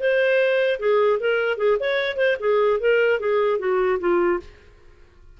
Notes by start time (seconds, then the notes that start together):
0.00 C5
0.80 G#4
1.20 A#4
1.57 G#4
1.80 C#5
2.17 C5
2.40 G#4
2.80 A#4
3.20 G#4
3.59 F#4
4.00 F4